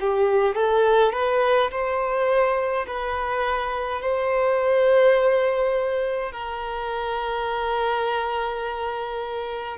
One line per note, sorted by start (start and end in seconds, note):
0.00 0.55 G4
0.55 1.13 A4
1.13 1.70 B4
1.71 2.86 C5
2.87 4.01 B4
4.01 6.32 C5
6.32 9.78 A#4